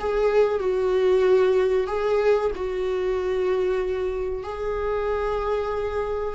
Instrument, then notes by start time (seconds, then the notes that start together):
viola
0.00 G#4
0.60 F#4
1.88 G#4
2.56 F#4
4.44 G#4